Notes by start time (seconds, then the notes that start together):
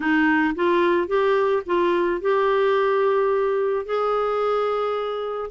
0.00 D#4
0.55 F4
1.07 G4
1.66 F4
2.21 G4
3.85 G#4